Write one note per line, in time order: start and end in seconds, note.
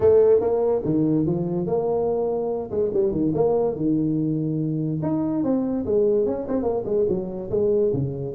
0.00 0.40 A3
0.40 0.81 A#3
0.84 1.26 D#3
1.26 1.66 F3
1.66 2.70 A#3
2.70 2.91 G#3
2.93 3.11 G3
3.11 3.32 D#3
3.34 3.76 A#3
3.76 5.01 D#3
5.02 5.43 D#4
5.43 5.85 C4
5.85 6.26 G#3
6.26 6.47 C#4
6.48 6.62 C4
6.62 6.83 A#3
6.85 7.06 G#3
7.08 7.49 F#3
7.50 7.92 G#3
7.93 8.34 C#3